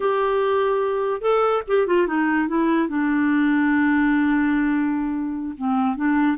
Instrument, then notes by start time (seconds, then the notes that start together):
clarinet
0.00 G4
1.21 A4
1.67 G4
1.86 F4
2.07 D#4
2.48 E4
2.88 D4
5.57 C4
5.96 D4